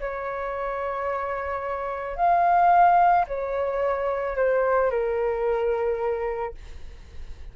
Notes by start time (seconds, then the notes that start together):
0.00 C#5
2.17 F5
3.28 C#5
4.36 C5
4.91 A#4